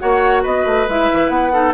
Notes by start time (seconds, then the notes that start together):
0.00 A#3 F#4 C#5 F#5
0.43 B3 B4 D#5
0.66 A3
0.89 G#3 E4 E5
1.13 E3
1.29 B3 F#5
1.53 D#4 A4